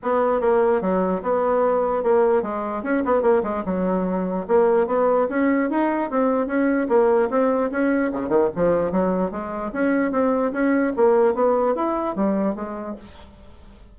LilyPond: \new Staff \with { instrumentName = "bassoon" } { \time 4/4 \tempo 4 = 148 b4 ais4 fis4 b4~ | b4 ais4 gis4 cis'8 b8 | ais8 gis8 fis2 ais4 | b4 cis'4 dis'4 c'4 |
cis'4 ais4 c'4 cis'4 | cis8 dis8 f4 fis4 gis4 | cis'4 c'4 cis'4 ais4 | b4 e'4 g4 gis4 | }